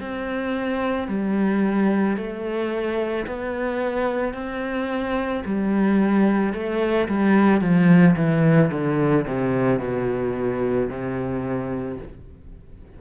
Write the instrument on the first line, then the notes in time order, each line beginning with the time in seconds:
cello
0.00 C4
1.08 G3
2.17 A3
3.26 B3
4.33 C4
5.45 G3
6.53 A3
7.08 G3
7.61 F3
8.16 E3
8.71 D3
9.27 C3
9.79 B2
10.89 C3